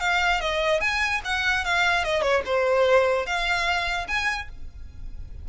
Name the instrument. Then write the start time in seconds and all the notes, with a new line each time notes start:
violin
0.00 F5
0.41 D#5
0.81 G#5
1.25 F#5
1.65 F5
2.05 D#5
2.22 C#5
2.46 C5
3.26 F5
4.08 G#5